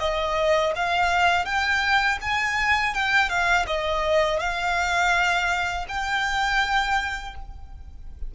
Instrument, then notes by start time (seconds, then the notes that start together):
violin
0.00 D#5
0.76 F5
1.45 G5
2.22 G#5
2.94 G5
3.29 F5
3.67 D#5
4.40 F5
5.88 G5